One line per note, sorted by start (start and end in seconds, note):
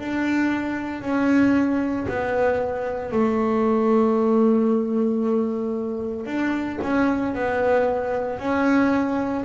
0.00 1.02 D4
1.02 2.07 C#4
2.09 3.12 B3
3.12 6.26 A3
6.26 6.79 D4
6.83 7.35 C#4
7.35 8.39 B3
8.39 9.44 C#4